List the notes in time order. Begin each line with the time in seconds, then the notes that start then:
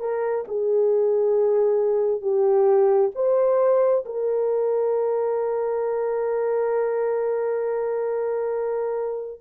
0.00 A#4
0.48 G#4
2.21 G4
3.15 C5
4.06 A#4